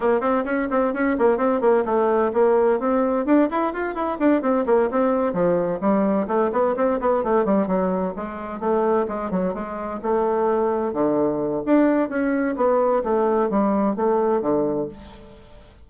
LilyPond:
\new Staff \with { instrumentName = "bassoon" } { \time 4/4 \tempo 4 = 129 ais8 c'8 cis'8 c'8 cis'8 ais8 c'8 ais8 | a4 ais4 c'4 d'8 e'8 | f'8 e'8 d'8 c'8 ais8 c'4 f8~ | f8 g4 a8 b8 c'8 b8 a8 |
g8 fis4 gis4 a4 gis8 | fis8 gis4 a2 d8~ | d4 d'4 cis'4 b4 | a4 g4 a4 d4 | }